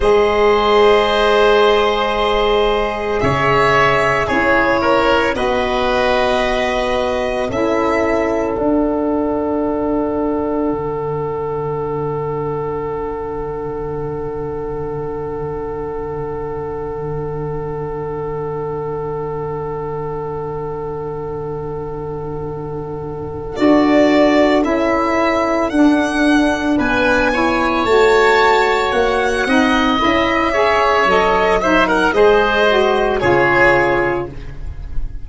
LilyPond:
<<
  \new Staff \with { instrumentName = "violin" } { \time 4/4 \tempo 4 = 56 dis''2. e''4 | cis''4 dis''2 e''4 | fis''1~ | fis''1~ |
fis''1~ | fis''2 d''4 e''4 | fis''4 gis''4 a''4 fis''4 | e''4 dis''8 e''16 fis''16 dis''4 cis''4 | }
  \new Staff \with { instrumentName = "oboe" } { \time 4/4 c''2. cis''4 | gis'8 ais'8 b'2 a'4~ | a'1~ | a'1~ |
a'1~ | a'1~ | a'4 b'8 cis''2 dis''8~ | dis''8 cis''4 c''16 ais'16 c''4 gis'4 | }
  \new Staff \with { instrumentName = "saxophone" } { \time 4/4 gis'1 | e'4 fis'2 e'4 | d'1~ | d'1~ |
d'1~ | d'2 fis'4 e'4 | d'4. e'8 fis'4. dis'8 | e'8 gis'8 a'8 dis'8 gis'8 fis'8 f'4 | }
  \new Staff \with { instrumentName = "tuba" } { \time 4/4 gis2. cis4 | cis'4 b2 cis'4 | d'2 d2~ | d1~ |
d1~ | d2 d'4 cis'4 | d'4 b4 a4 ais8 c'8 | cis'4 fis4 gis4 cis4 | }
>>